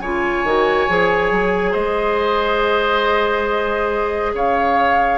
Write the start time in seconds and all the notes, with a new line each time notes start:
0.00 C#3 F4 C#5 G#5
0.44 D#3 F#4
0.89 F3 G#4
1.31 F#3
1.72 G#3 C5 D#5
4.34 C#3 C#5 F5